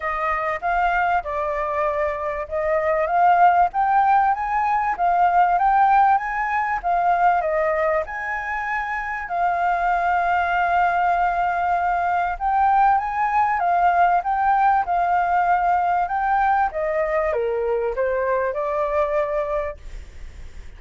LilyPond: \new Staff \with { instrumentName = "flute" } { \time 4/4 \tempo 4 = 97 dis''4 f''4 d''2 | dis''4 f''4 g''4 gis''4 | f''4 g''4 gis''4 f''4 | dis''4 gis''2 f''4~ |
f''1 | g''4 gis''4 f''4 g''4 | f''2 g''4 dis''4 | ais'4 c''4 d''2 | }